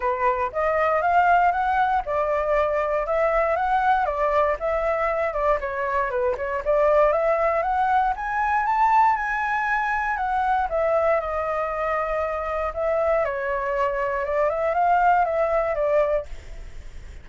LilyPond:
\new Staff \with { instrumentName = "flute" } { \time 4/4 \tempo 4 = 118 b'4 dis''4 f''4 fis''4 | d''2 e''4 fis''4 | d''4 e''4. d''8 cis''4 | b'8 cis''8 d''4 e''4 fis''4 |
gis''4 a''4 gis''2 | fis''4 e''4 dis''2~ | dis''4 e''4 cis''2 | d''8 e''8 f''4 e''4 d''4 | }